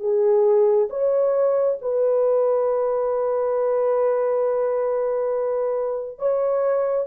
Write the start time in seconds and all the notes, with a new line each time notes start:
0.00 G#4
0.90 C#5
1.82 B4
6.19 C#5